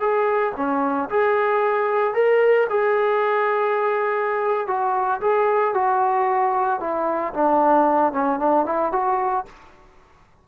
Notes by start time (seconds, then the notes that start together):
0.00 G#4
0.56 C#4
1.10 G#4
2.14 A#4
2.70 G#4
4.67 F#4
5.21 G#4
5.74 F#4
6.80 E4
7.34 D4
8.13 C#4
8.39 D4
8.66 E4
8.92 F#4